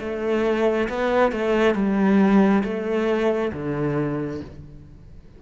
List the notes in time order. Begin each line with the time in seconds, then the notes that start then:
0.00 A3
0.89 B3
1.32 A3
1.75 G3
2.64 A3
3.53 D3